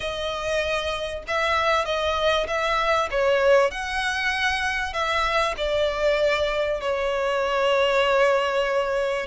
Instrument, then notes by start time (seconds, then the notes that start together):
violin
0.00 D#5
1.27 E5
1.85 D#5
2.47 E5
3.10 C#5
3.70 F#5
4.93 E5
5.57 D5
6.80 C#5